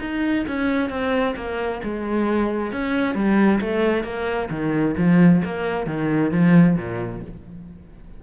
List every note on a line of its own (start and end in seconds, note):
0.00 0.45 D#4
0.47 0.89 C#4
0.89 1.34 C4
1.36 1.81 A#3
1.83 2.71 G#3
2.71 3.15 C#4
3.15 3.60 G3
3.60 4.03 A3
4.03 4.48 A#3
4.50 4.95 D#3
4.97 5.42 F3
5.44 5.86 A#3
5.86 6.31 D#3
6.31 6.76 F3
6.76 7.21 A#2